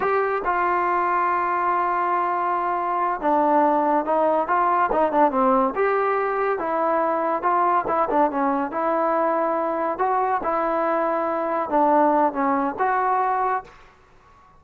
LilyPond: \new Staff \with { instrumentName = "trombone" } { \time 4/4 \tempo 4 = 141 g'4 f'2.~ | f'2.~ f'8 d'8~ | d'4. dis'4 f'4 dis'8 | d'8 c'4 g'2 e'8~ |
e'4. f'4 e'8 d'8 cis'8~ | cis'8 e'2. fis'8~ | fis'8 e'2. d'8~ | d'4 cis'4 fis'2 | }